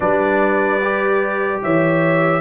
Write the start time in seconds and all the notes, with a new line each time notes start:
0.00 G3 D4 B4 D5
0.83 G4
1.62 E3 C#5 E5